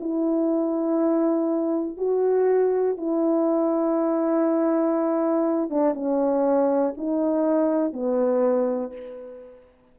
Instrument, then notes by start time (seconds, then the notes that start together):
horn
0.00 E4
1.97 F#4
2.97 E4
5.70 D4
5.94 C#4
6.97 D#4
7.93 B3